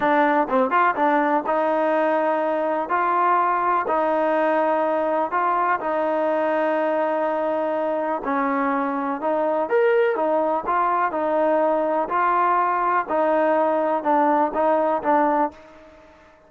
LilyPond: \new Staff \with { instrumentName = "trombone" } { \time 4/4 \tempo 4 = 124 d'4 c'8 f'8 d'4 dis'4~ | dis'2 f'2 | dis'2. f'4 | dis'1~ |
dis'4 cis'2 dis'4 | ais'4 dis'4 f'4 dis'4~ | dis'4 f'2 dis'4~ | dis'4 d'4 dis'4 d'4 | }